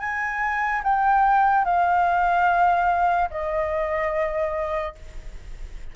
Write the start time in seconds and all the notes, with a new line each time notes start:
0.00 G#5
0.84 G5
1.65 F5
3.31 D#5